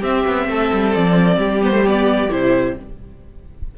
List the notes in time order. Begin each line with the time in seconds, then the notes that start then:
0.00 C4 G4 E5
0.27 B3
0.48 A3 A4
0.73 G3
0.95 F3 D5
1.38 G3 G4
1.63 B3 C5
1.73 A3
1.87 B3 D5
2.30 C3 E4 C5